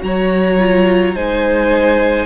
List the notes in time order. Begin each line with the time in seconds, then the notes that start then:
0.00 F#3 F#4 C#5 A#5
0.59 F4
1.15 G#3 D#4 C5 G#5